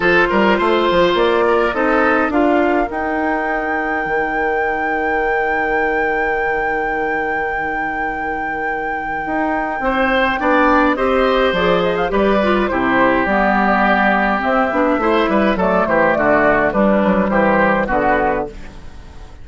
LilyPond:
<<
  \new Staff \with { instrumentName = "flute" } { \time 4/4 \tempo 4 = 104 c''2 d''4 dis''4 | f''4 g''2.~ | g''1~ | g''1~ |
g''2. dis''4 | d''8 dis''16 f''16 d''4 c''4 d''4~ | d''4 e''2 d''8 c''8 | d''4 b'4 c''4 b'4 | }
  \new Staff \with { instrumentName = "oboe" } { \time 4/4 a'8 ais'8 c''4. ais'8 a'4 | ais'1~ | ais'1~ | ais'1~ |
ais'4 c''4 d''4 c''4~ | c''4 b'4 g'2~ | g'2 c''8 b'8 a'8 g'8 | fis'4 d'4 g'4 fis'4 | }
  \new Staff \with { instrumentName = "clarinet" } { \time 4/4 f'2. dis'4 | f'4 dis'2.~ | dis'1~ | dis'1~ |
dis'2 d'4 g'4 | gis'4 g'8 f'8 e'4 b4~ | b4 c'8 d'8 e'4 a4~ | a4 g2 b4 | }
  \new Staff \with { instrumentName = "bassoon" } { \time 4/4 f8 g8 a8 f8 ais4 c'4 | d'4 dis'2 dis4~ | dis1~ | dis1 |
dis'4 c'4 b4 c'4 | f4 g4 c4 g4~ | g4 c'8 b8 a8 g8 fis8 e8 | d4 g8 fis8 e4 d4 | }
>>